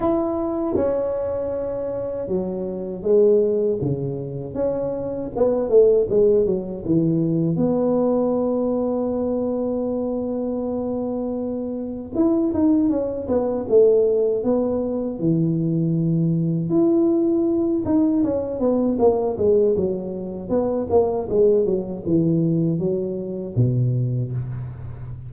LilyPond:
\new Staff \with { instrumentName = "tuba" } { \time 4/4 \tempo 4 = 79 e'4 cis'2 fis4 | gis4 cis4 cis'4 b8 a8 | gis8 fis8 e4 b2~ | b1 |
e'8 dis'8 cis'8 b8 a4 b4 | e2 e'4. dis'8 | cis'8 b8 ais8 gis8 fis4 b8 ais8 | gis8 fis8 e4 fis4 b,4 | }